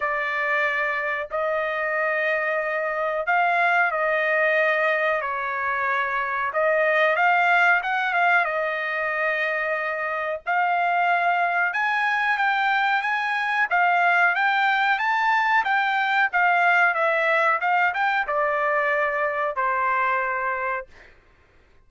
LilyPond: \new Staff \with { instrumentName = "trumpet" } { \time 4/4 \tempo 4 = 92 d''2 dis''2~ | dis''4 f''4 dis''2 | cis''2 dis''4 f''4 | fis''8 f''8 dis''2. |
f''2 gis''4 g''4 | gis''4 f''4 g''4 a''4 | g''4 f''4 e''4 f''8 g''8 | d''2 c''2 | }